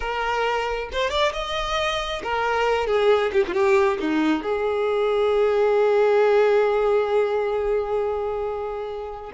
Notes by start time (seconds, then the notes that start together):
0.00 A#4
0.92 C5
1.10 D5
1.33 D#5
2.23 A#4
2.86 G#4
3.32 G4
3.47 F4 G4
4.00 D#4
4.42 G#4